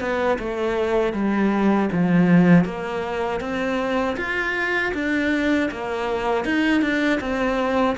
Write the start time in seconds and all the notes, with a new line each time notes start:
0.00 B3
0.38 A3
1.13 G3
1.92 F3
2.65 A#3
3.40 C4
4.17 F4
4.94 D4
5.71 A#3
6.45 D#4
6.81 D4
7.20 C4